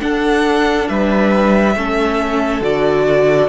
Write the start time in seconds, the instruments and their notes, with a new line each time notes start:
0.00 viola D4, cello D4, violin A4 F#5
0.88 cello G3, violin B4 E5
1.76 cello A3, viola C#4, violin A4
2.61 cello D3, viola F#4, violin D5